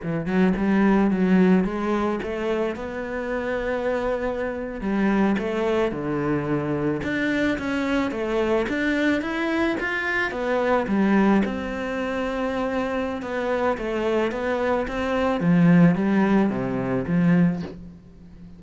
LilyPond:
\new Staff \with { instrumentName = "cello" } { \time 4/4 \tempo 4 = 109 e8 fis8 g4 fis4 gis4 | a4 b2.~ | b8. g4 a4 d4~ d16~ | d8. d'4 cis'4 a4 d'16~ |
d'8. e'4 f'4 b4 g16~ | g8. c'2.~ c'16 | b4 a4 b4 c'4 | f4 g4 c4 f4 | }